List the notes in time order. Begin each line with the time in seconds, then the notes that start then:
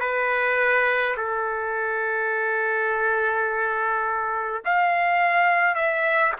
0.00 B4
1.17 A4
4.65 F5
5.75 E5